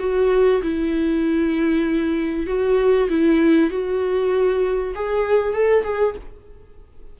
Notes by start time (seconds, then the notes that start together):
0.00 F#4
0.62 E4
2.47 F#4
3.10 E4
3.71 F#4
4.95 G#4
5.54 A4
5.84 G#4